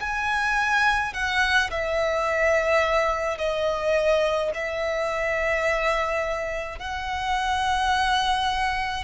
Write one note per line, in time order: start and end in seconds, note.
0.00 1.13 G#5
1.13 1.70 F#5
1.70 3.38 E5
3.38 4.51 D#5
4.54 6.79 E5
6.79 9.03 F#5